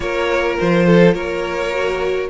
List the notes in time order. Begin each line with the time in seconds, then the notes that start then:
0.00 A#3 F4 A#4 C#5
0.59 F3 C5
0.86 A4
1.14 A#3 A#4 C#5
1.72 F#4